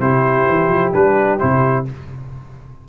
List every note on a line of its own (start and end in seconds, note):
0.00 0.46 C3
0.00 0.94 E4
0.00 1.86 G4
0.00 0.93 C5
0.49 0.68 E3
0.68 0.91 F3
0.94 1.41 G3
0.94 1.39 D4
0.94 1.39 B4
1.39 1.89 C3
1.39 1.85 E4
1.39 1.85 C5